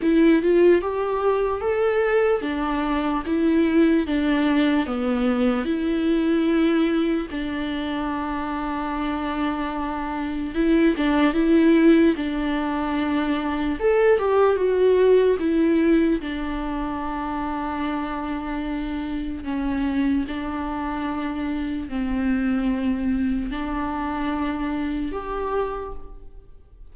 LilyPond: \new Staff \with { instrumentName = "viola" } { \time 4/4 \tempo 4 = 74 e'8 f'8 g'4 a'4 d'4 | e'4 d'4 b4 e'4~ | e'4 d'2.~ | d'4 e'8 d'8 e'4 d'4~ |
d'4 a'8 g'8 fis'4 e'4 | d'1 | cis'4 d'2 c'4~ | c'4 d'2 g'4 | }